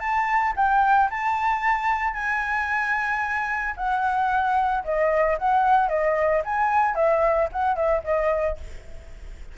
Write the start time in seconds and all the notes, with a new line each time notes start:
0.00 A5
0.56 G5
1.11 A5
2.14 G#5
3.77 F#5
4.85 D#5
5.39 F#5
5.89 D#5
6.45 G#5
6.96 E5
7.53 F#5
7.76 E5
8.04 D#5